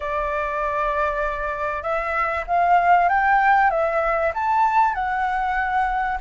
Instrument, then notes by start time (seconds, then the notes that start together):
flute
0.00 D5
1.82 E5
2.47 F5
3.08 G5
3.70 E5
4.34 A5
4.94 F#5